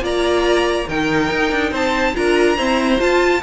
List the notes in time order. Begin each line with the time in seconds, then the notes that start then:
0.00 A#3 F4 D5 A#5
0.88 D#3 D#4 A#4 G5
1.31 D#4
1.51 D4
1.71 C4 C5 A5
2.14 D4 F4 A#4 A#5
2.56 C4 E4 C5
2.99 F4 A5